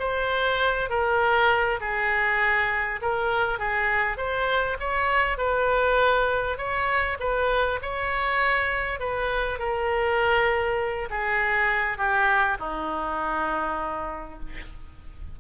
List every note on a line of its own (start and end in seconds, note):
0.00 0.90 C5
0.90 1.80 A#4
1.81 3.01 G#4
3.02 3.59 A#4
3.59 4.17 G#4
4.17 4.77 C5
4.80 5.38 C#5
5.38 6.58 B4
6.58 7.18 C#5
7.20 7.80 B4
7.82 9.00 C#5
9.00 9.59 B4
9.59 11.09 A#4
11.10 11.98 G#4
11.98 12.58 G4
12.59 14.39 D#4